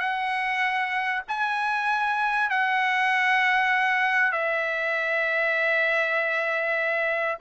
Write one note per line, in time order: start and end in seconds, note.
0.00 1.22 F#5
1.28 2.50 G#5
2.50 4.32 F#5
4.32 7.38 E5